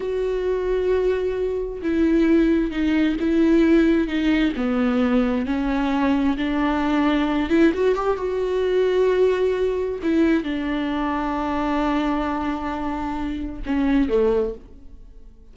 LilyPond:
\new Staff \with { instrumentName = "viola" } { \time 4/4 \tempo 4 = 132 fis'1 | e'2 dis'4 e'4~ | e'4 dis'4 b2 | cis'2 d'2~ |
d'8 e'8 fis'8 g'8 fis'2~ | fis'2 e'4 d'4~ | d'1~ | d'2 cis'4 a4 | }